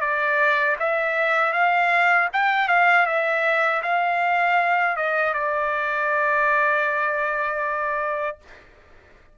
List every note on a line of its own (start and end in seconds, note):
0.00 0.76 D5
0.79 1.53 E5
1.53 2.29 F5
2.33 2.68 G5
2.68 3.06 F5
3.06 3.82 E5
3.82 4.96 F5
4.96 5.34 D#5
5.34 8.38 D5